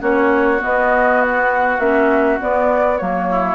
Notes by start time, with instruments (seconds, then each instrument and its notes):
0.00 bassoon A#3, clarinet C#4, oboe F#4, flute C#5
0.59 clarinet B3, bassoon B3, flute D#5
1.22 flute F#5
1.79 bassoon A#3, clarinet C#4, flute E5
2.40 clarinet B3, bassoon B3, flute D5
2.98 bassoon F#3, clarinet A#3, flute C#5
3.31 oboe E4